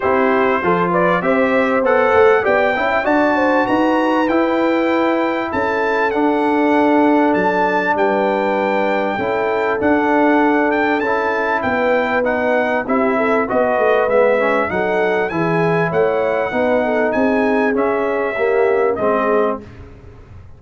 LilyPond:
<<
  \new Staff \with { instrumentName = "trumpet" } { \time 4/4 \tempo 4 = 98 c''4. d''8 e''4 fis''4 | g''4 a''4 ais''4 g''4~ | g''4 a''4 fis''2 | a''4 g''2. |
fis''4. g''8 a''4 g''4 | fis''4 e''4 dis''4 e''4 | fis''4 gis''4 fis''2 | gis''4 e''2 dis''4 | }
  \new Staff \with { instrumentName = "horn" } { \time 4/4 g'4 a'8 b'8 c''2 | d''8 e''8 d''8 c''8 b'2~ | b'4 a'2.~ | a'4 b'2 a'4~ |
a'2. b'4~ | b'4 g'8 a'8 b'2 | a'4 gis'4 cis''4 b'8 a'8 | gis'2 g'4 gis'4 | }
  \new Staff \with { instrumentName = "trombone" } { \time 4/4 e'4 f'4 g'4 a'4 | g'8 e'8 fis'2 e'4~ | e'2 d'2~ | d'2. e'4 |
d'2 e'2 | dis'4 e'4 fis'4 b8 cis'8 | dis'4 e'2 dis'4~ | dis'4 cis'4 ais4 c'4 | }
  \new Staff \with { instrumentName = "tuba" } { \time 4/4 c'4 f4 c'4 b8 a8 | b8 cis'8 d'4 dis'4 e'4~ | e'4 cis'4 d'2 | fis4 g2 cis'4 |
d'2 cis'4 b4~ | b4 c'4 b8 a8 gis4 | fis4 e4 a4 b4 | c'4 cis'2 gis4 | }
>>